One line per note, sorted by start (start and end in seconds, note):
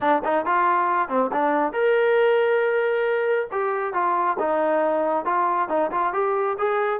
0.00 0.22 D4
0.24 0.45 D#4
0.45 1.08 F4
1.08 1.30 C4
1.31 1.72 D4
1.72 3.47 A#4
3.51 3.93 G4
3.93 4.37 F4
4.39 5.25 D#4
5.25 5.68 F4
5.68 5.90 D#4
5.91 6.13 F4
6.13 6.57 G4
6.58 7.00 G#4